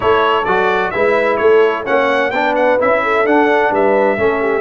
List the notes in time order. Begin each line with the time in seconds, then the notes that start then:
0.00 A3 E4 A4 C#5
0.44 F#3 F#4 D5
0.90 G#3 E4 B4 E5
1.37 A3 A4 C#5
1.84 A#3 C#4 C#5 F#5
2.30 B3 D4 B4 G5
2.55 F#5
2.79 C#4 E4 E5
3.03 A4
3.24 D4 F#5
3.70 G3 B4 E5
4.17 A3 C#4 A4
4.41 G4